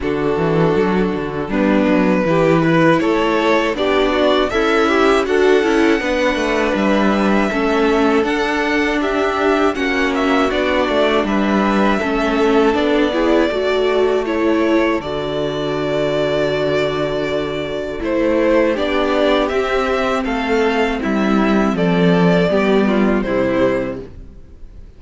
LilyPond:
<<
  \new Staff \with { instrumentName = "violin" } { \time 4/4 \tempo 4 = 80 a'2 b'2 | cis''4 d''4 e''4 fis''4~ | fis''4 e''2 fis''4 | e''4 fis''8 e''8 d''4 e''4~ |
e''4 d''2 cis''4 | d''1 | c''4 d''4 e''4 f''4 | e''4 d''2 c''4 | }
  \new Staff \with { instrumentName = "violin" } { \time 4/4 fis'2 d'4 g'8 b'8 | a'4 g'8 fis'8 e'4 a'4 | b'2 a'2 | g'4 fis'2 b'4 |
a'4. gis'8 a'2~ | a'1~ | a'4 g'2 a'4 | e'4 a'4 g'8 f'8 e'4 | }
  \new Staff \with { instrumentName = "viola" } { \time 4/4 d'2 b4 e'4~ | e'4 d'4 a'8 g'8 fis'8 e'8 | d'2 cis'4 d'4~ | d'4 cis'4 d'2 |
cis'4 d'8 e'8 fis'4 e'4 | fis'1 | e'4 d'4 c'2~ | c'2 b4 g4 | }
  \new Staff \with { instrumentName = "cello" } { \time 4/4 d8 e8 fis8 d8 g8 fis8 e4 | a4 b4 cis'4 d'8 cis'8 | b8 a8 g4 a4 d'4~ | d'4 ais4 b8 a8 g4 |
a4 b4 a2 | d1 | a4 b4 c'4 a4 | g4 f4 g4 c4 | }
>>